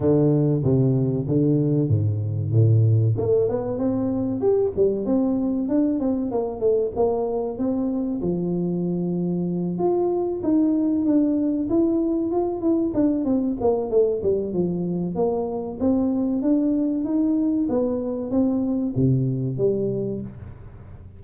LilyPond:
\new Staff \with { instrumentName = "tuba" } { \time 4/4 \tempo 4 = 95 d4 c4 d4 gis,4 | a,4 a8 b8 c'4 g'8 g8 | c'4 d'8 c'8 ais8 a8 ais4 | c'4 f2~ f8 f'8~ |
f'8 dis'4 d'4 e'4 f'8 | e'8 d'8 c'8 ais8 a8 g8 f4 | ais4 c'4 d'4 dis'4 | b4 c'4 c4 g4 | }